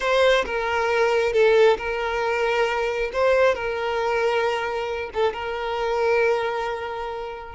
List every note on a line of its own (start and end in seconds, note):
0.00 0.44 C5
0.45 1.32 A#4
1.32 1.77 A4
1.77 3.11 A#4
3.12 3.54 C5
3.54 5.10 A#4
5.13 5.33 A4
5.33 7.55 A#4